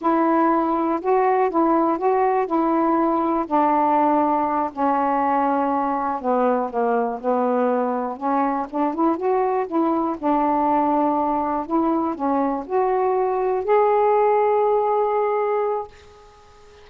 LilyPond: \new Staff \with { instrumentName = "saxophone" } { \time 4/4 \tempo 4 = 121 e'2 fis'4 e'4 | fis'4 e'2 d'4~ | d'4. cis'2~ cis'8~ | cis'8 b4 ais4 b4.~ |
b8 cis'4 d'8 e'8 fis'4 e'8~ | e'8 d'2. e'8~ | e'8 cis'4 fis'2 gis'8~ | gis'1 | }